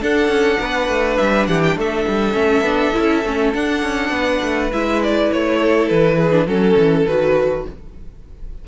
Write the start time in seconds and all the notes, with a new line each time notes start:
0.00 D4 A4 F#5
0.28 C#4
0.59 B3 B4
0.88 A3
1.17 G3 E5
1.46 E3 G4 F#5
1.62 G5
1.76 A3 A4 E5
2.07 G3
2.33 A3 C#4
2.61 B3 D4
2.93 C#4 E4
3.24 A3 C#4
3.53 D4 F#5
3.82 C#4
4.10 B3 B4
4.42 A3
4.72 G#3 E4 E5
5.03 D5
5.32 A3 C#5
5.58 A4
5.88 E3 B4
6.17 G#4
6.31 D4
6.46 F#3 C#4 A4
6.76 E3
7.06 D#3 F#4 B4